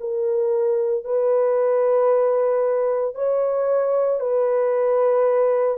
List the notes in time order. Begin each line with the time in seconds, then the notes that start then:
0.00 A#4
1.04 B4
3.15 C#5
4.20 B4